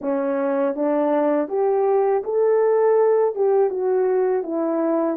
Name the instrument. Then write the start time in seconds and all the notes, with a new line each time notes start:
horn
0.01 C#4
0.75 D4
1.48 G4
2.24 A4
3.35 G4
3.70 F#4
4.43 E4